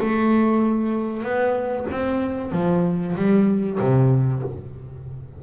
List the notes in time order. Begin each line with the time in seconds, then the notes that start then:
0.00 A3
1.23 B3
1.91 C4
2.52 F3
3.16 G3
3.80 C3